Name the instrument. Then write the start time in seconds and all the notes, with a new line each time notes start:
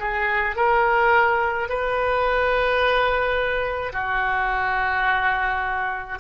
oboe
0.00 G#4
0.57 A#4
1.69 B4
3.93 F#4